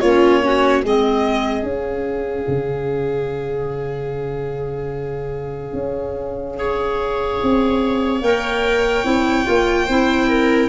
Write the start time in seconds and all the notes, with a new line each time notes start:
0.00 A#3 C#4 F4 C#5
0.42 C#4 F#4
0.83 G#3 C4 G#4 D#5
1.63 C#4 F5
2.48 C#3
5.73 C#4
6.56 G#4 C#5
7.42 C4
8.21 A#3 A#4 G5
9.04 C4 E4
9.45 A#3 F4
9.86 C4 E4 C5
10.28 A#4